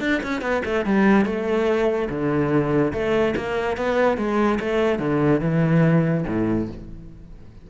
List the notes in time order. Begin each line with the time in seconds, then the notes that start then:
0.00 D4
0.23 C#4
0.41 B3
0.65 A3
0.85 G3
1.25 A3
2.09 D3
2.93 A3
3.36 A#3
3.77 B3
4.17 G#3
4.60 A3
4.99 D3
5.41 E3
6.27 A2